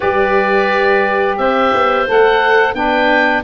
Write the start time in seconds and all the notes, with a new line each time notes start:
0.00 G3 G4 B4 D5
1.37 C4 C5 E5
1.73 B3
2.07 A3 A4 F#5
2.74 B3 D4 B4 G5